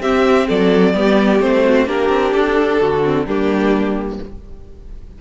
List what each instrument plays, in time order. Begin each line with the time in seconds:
0.00 cello C4, viola C4, violin G4 E5
0.47 cello F#3, violin A4 D5
0.94 cello G3, viola B3, violin G4
1.40 cello A3, viola C4, violin C5
1.65 violin F#4
1.85 cello A#3, viola D4, violin G4 A#4
2.09 cello C4
2.33 cello D4, violin A4
2.80 cello D3, violin F#4
3.03 viola C4
3.26 cello G3, viola A#3, violin D4 G4